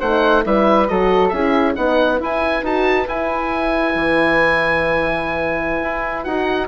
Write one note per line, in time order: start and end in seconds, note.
0.00 0.46 A3
0.00 0.44 D#4
0.00 0.44 C5
0.00 0.45 F#5
0.44 0.89 G3
0.44 0.88 E4
0.44 0.91 B4
0.44 0.88 E5
0.88 1.33 F#3
0.88 1.32 F#4
0.88 1.34 A4
0.88 1.29 D#5
1.29 1.76 C#4
1.29 1.76 E4
1.29 1.75 G#4
1.29 1.73 E5
1.75 2.21 B3
1.75 2.18 D#4
1.75 6.68 B4
1.75 2.20 F#5
2.18 2.62 E4
2.18 2.63 E4
2.18 2.66 G#5
2.63 3.07 D#4
2.63 3.07 F#4
2.63 3.09 A5
3.07 6.24 E4
3.07 3.95 E4
3.07 6.24 G#5
3.95 5.81 E3
5.83 6.26 E4
6.24 6.68 D#4
6.24 6.68 F#4
6.24 6.68 F#5